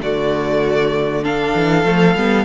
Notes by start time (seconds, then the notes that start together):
0.00 D3 A3 F#4 D5
1.23 D4 A4 F5
1.55 E3
1.84 F3 A3
2.15 G3 B3